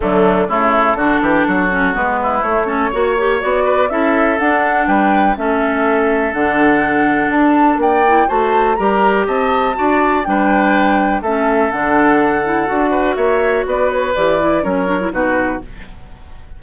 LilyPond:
<<
  \new Staff \with { instrumentName = "flute" } { \time 4/4 \tempo 4 = 123 d'4 a'2. | b'4 cis''2 d''4 | e''4 fis''4 g''4 e''4~ | e''4 fis''2 a''4 |
g''4 a''4 ais''4 a''4~ | a''4 g''2 e''4 | fis''2. e''4 | d''8 cis''8 d''4 cis''4 b'4 | }
  \new Staff \with { instrumentName = "oboe" } { \time 4/4 a4 e'4 fis'8 g'8 fis'4~ | fis'8 e'4 a'8 cis''4. b'8 | a'2 b'4 a'4~ | a'1 |
d''4 c''4 ais'4 dis''4 | d''4 b'2 a'4~ | a'2~ a'8 b'8 cis''4 | b'2 ais'4 fis'4 | }
  \new Staff \with { instrumentName = "clarinet" } { \time 4/4 fis4 a4 d'4. cis'8 | b4 a8 cis'8 fis'8 g'8 fis'4 | e'4 d'2 cis'4~ | cis'4 d'2.~ |
d'8 e'8 fis'4 g'2 | fis'4 d'2 cis'4 | d'4. e'8 fis'2~ | fis'4 g'8 e'8 cis'8 d'16 e'16 dis'4 | }
  \new Staff \with { instrumentName = "bassoon" } { \time 4/4 d4 cis4 d8 e8 fis4 | gis4 a4 ais4 b4 | cis'4 d'4 g4 a4~ | a4 d2 d'4 |
ais4 a4 g4 c'4 | d'4 g2 a4 | d2 d'4 ais4 | b4 e4 fis4 b,4 | }
>>